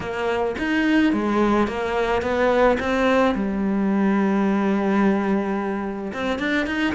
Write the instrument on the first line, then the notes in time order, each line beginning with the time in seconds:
cello
0.00 A#3
0.58 D#4
1.12 G#3
1.67 A#3
2.21 B3
2.79 C4
3.34 G3
6.13 C4
6.38 D4
6.66 D#4